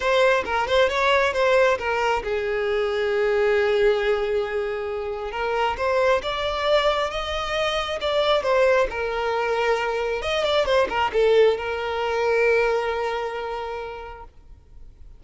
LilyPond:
\new Staff \with { instrumentName = "violin" } { \time 4/4 \tempo 4 = 135 c''4 ais'8 c''8 cis''4 c''4 | ais'4 gis'2.~ | gis'1 | ais'4 c''4 d''2 |
dis''2 d''4 c''4 | ais'2. dis''8 d''8 | c''8 ais'8 a'4 ais'2~ | ais'1 | }